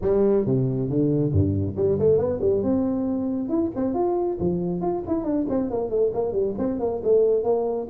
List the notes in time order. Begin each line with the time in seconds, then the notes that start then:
0.01 G3
0.45 C3
0.89 D3
1.32 G2
1.76 G3
1.98 A3
2.17 B3
2.41 G3
2.62 C4
3.49 E4
3.75 C4
3.94 F4
4.40 F3
4.81 F4
5.07 E4
5.24 D4
5.49 C4
5.70 A#3
5.89 A3
6.13 A#3
6.32 G3
6.58 C4
6.79 A#3
7.03 A3
7.43 A#3